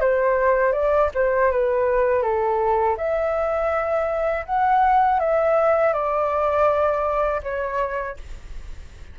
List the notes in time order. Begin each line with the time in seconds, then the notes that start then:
0.00 C5
0.72 D5
1.14 C5
1.51 B4
2.22 A4
2.97 E5
4.45 F#5
5.20 E5
5.93 D5
7.42 C#5